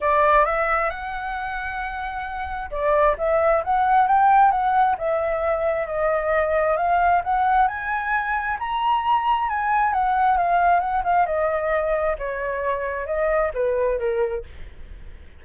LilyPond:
\new Staff \with { instrumentName = "flute" } { \time 4/4 \tempo 4 = 133 d''4 e''4 fis''2~ | fis''2 d''4 e''4 | fis''4 g''4 fis''4 e''4~ | e''4 dis''2 f''4 |
fis''4 gis''2 ais''4~ | ais''4 gis''4 fis''4 f''4 | fis''8 f''8 dis''2 cis''4~ | cis''4 dis''4 b'4 ais'4 | }